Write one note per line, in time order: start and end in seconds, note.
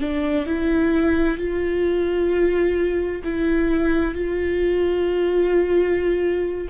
0.00 0.46 D4
0.46 1.38 E4
1.38 3.22 F4
3.23 4.14 E4
4.14 6.68 F4